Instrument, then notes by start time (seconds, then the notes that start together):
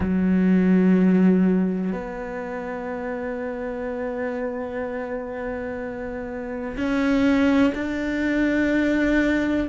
cello
0.00 F#3
1.92 B3
6.76 C#4
7.74 D4